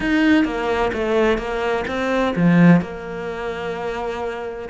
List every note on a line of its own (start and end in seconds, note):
0.00 0.44 D#4
0.44 0.91 A#3
0.93 1.37 A3
1.37 1.84 A#3
1.87 2.34 C4
2.36 2.81 F3
2.81 4.68 A#3